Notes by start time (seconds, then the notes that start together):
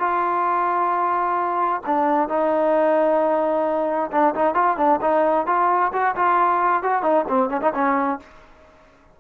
0.00 F4
1.86 D4
2.29 D#4
4.12 D4
4.35 D#4
4.55 F4
4.78 D4
5.01 D#4
5.47 F4
5.93 F#4
6.16 F4
6.83 F#4
7.03 D#4
7.29 C4
7.50 C#4
7.62 D#4
7.74 C#4